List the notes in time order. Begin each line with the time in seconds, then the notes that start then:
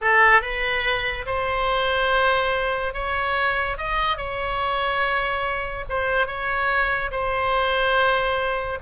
0.01 A4
0.41 B4
1.25 C5
2.93 C#5
3.77 D#5
4.17 C#5
5.89 C5
6.27 C#5
7.11 C5